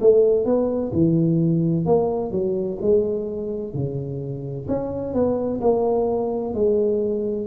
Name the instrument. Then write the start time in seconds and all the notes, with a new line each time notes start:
tuba
0.00 A3
0.45 B3
0.92 E3
1.85 A#3
2.31 F#3
2.81 G#3
3.73 C#3
4.68 C#4
5.13 B3
5.60 A#3
6.54 G#3